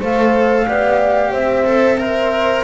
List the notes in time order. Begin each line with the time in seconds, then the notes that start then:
0.00 A3 A4 C5 F5
0.66 B3 G4 D5
1.31 C4 C5 E5
1.66 A4
1.98 A#4 C5 E5